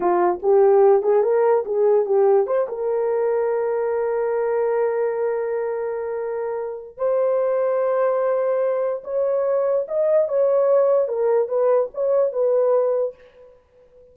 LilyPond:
\new Staff \with { instrumentName = "horn" } { \time 4/4 \tempo 4 = 146 f'4 g'4. gis'8 ais'4 | gis'4 g'4 c''8 ais'4.~ | ais'1~ | ais'1~ |
ais'4 c''2.~ | c''2 cis''2 | dis''4 cis''2 ais'4 | b'4 cis''4 b'2 | }